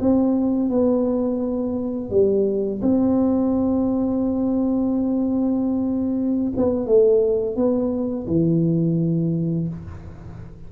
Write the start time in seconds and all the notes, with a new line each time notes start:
0.00 C4
0.69 B3
2.10 G3
2.82 C4
6.56 B3
6.86 A3
7.56 B3
8.27 E3